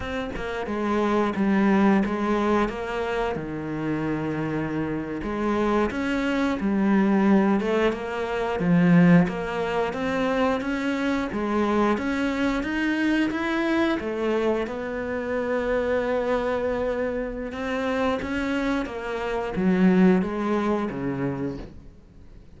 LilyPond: \new Staff \with { instrumentName = "cello" } { \time 4/4 \tempo 4 = 89 c'8 ais8 gis4 g4 gis4 | ais4 dis2~ dis8. gis16~ | gis8. cis'4 g4. a8 ais16~ | ais8. f4 ais4 c'4 cis'16~ |
cis'8. gis4 cis'4 dis'4 e'16~ | e'8. a4 b2~ b16~ | b2 c'4 cis'4 | ais4 fis4 gis4 cis4 | }